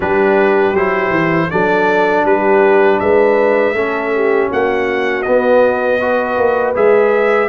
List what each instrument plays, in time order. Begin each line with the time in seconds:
0.00 tuba G3, trombone D4, horn G4, trumpet B4
0.74 tuba F#3, trombone E4, trumpet C5
1.10 tuba E3
1.50 tuba F#3, trombone D4, horn A4, trumpet D5
2.24 tuba G3, horn G4, trumpet B4
2.99 tuba G#3, horn B4, trumpet E5
3.73 tuba A3, trombone C#4, horn A4
4.14 horn G4
4.49 tuba A#3, horn F#4, trumpet F#5
5.22 trombone B3, tuba B3, trumpet D#5
6.00 trombone F#4, horn B4
6.37 tuba A#3
6.75 tuba G#3, trombone G#4, trumpet E5